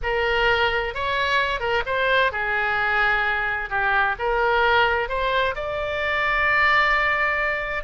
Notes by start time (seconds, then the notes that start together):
0.02 A#4
0.94 C#5
1.59 A#4
1.86 C5
2.32 G#4
3.69 G4
4.18 A#4
5.08 C5
5.55 D5